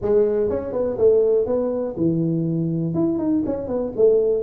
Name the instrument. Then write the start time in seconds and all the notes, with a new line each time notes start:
tuba
0.01 G#3
0.49 C#4
0.72 B3
0.98 A3
1.46 B3
1.96 E3
2.94 E4
3.18 D#4
3.46 C#4
3.67 B3
3.96 A3